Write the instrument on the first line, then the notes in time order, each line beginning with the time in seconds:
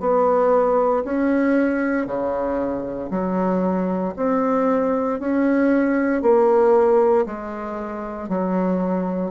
bassoon
0.00 B3
1.04 C#4
2.06 C#3
3.10 F#3
4.16 C4
5.20 C#4
6.22 A#3
7.26 G#3
8.29 F#3